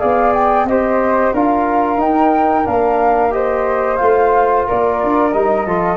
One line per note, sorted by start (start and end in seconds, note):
0.00 0.65 B3
0.00 0.67 G#4
0.00 0.67 D5
0.00 0.33 F5
0.34 0.67 G5
0.65 1.32 C4
0.65 1.36 G4
0.65 1.34 C5
0.65 1.34 D#5
1.34 1.98 D4
1.34 1.98 F4
1.34 3.34 A#4
1.34 2.01 F5
1.98 2.65 D#4
1.98 2.67 G5
2.65 4.01 A#3
2.65 3.31 D4
2.65 3.33 F5
3.31 3.98 G4
3.31 4.67 C5
3.31 3.97 D#5
3.97 4.68 A3
3.97 5.32 F4
3.97 4.64 F5
4.67 5.04 A#3
4.67 5.67 A#4
4.67 5.33 D5
5.04 5.34 D4
5.33 5.67 G3
5.33 5.67 D#4
5.33 5.97 D#5
5.67 5.97 F3
5.67 5.97 F4
5.67 5.97 A4